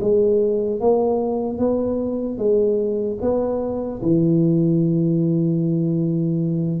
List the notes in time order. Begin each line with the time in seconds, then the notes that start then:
0.00 G#3
0.80 A#3
1.58 B3
2.37 G#3
3.21 B3
4.02 E3